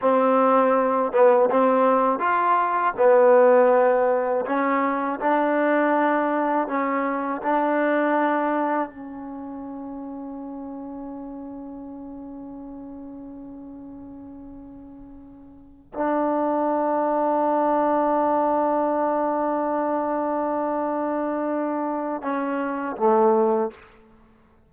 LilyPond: \new Staff \with { instrumentName = "trombone" } { \time 4/4 \tempo 4 = 81 c'4. b8 c'4 f'4 | b2 cis'4 d'4~ | d'4 cis'4 d'2 | cis'1~ |
cis'1~ | cis'4. d'2~ d'8~ | d'1~ | d'2 cis'4 a4 | }